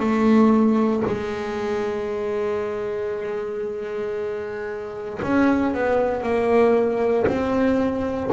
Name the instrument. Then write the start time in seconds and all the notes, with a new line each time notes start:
double bass
0.00 A3
1.07 G#3
5.23 C#4
5.75 B3
6.23 A#3
7.27 C4